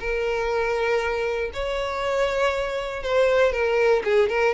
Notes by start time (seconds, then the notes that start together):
0.00 A#4
1.54 C#5
3.03 C5
3.52 A#4
4.04 G#4
4.29 A#4